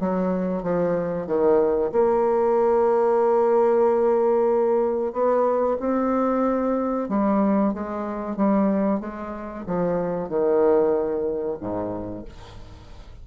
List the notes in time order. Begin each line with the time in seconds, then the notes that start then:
0.00 F#3
0.62 F3
1.26 D#3
1.92 A#3
5.13 B3
5.79 C4
7.09 G3
7.73 G#3
8.36 G3
9.00 G#3
9.66 F3
10.29 D#3
11.60 G#2